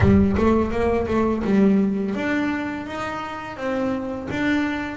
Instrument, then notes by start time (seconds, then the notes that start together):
double bass
0.00 G3
0.37 A3
0.71 A#3
1.07 A3
1.44 G3
2.14 D4
2.86 D#4
3.56 C4
4.31 D4